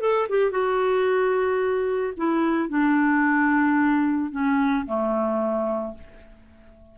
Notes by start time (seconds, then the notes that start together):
0.00 A4
0.29 G4
0.51 F#4
2.17 E4
2.69 D4
4.31 C#4
4.86 A3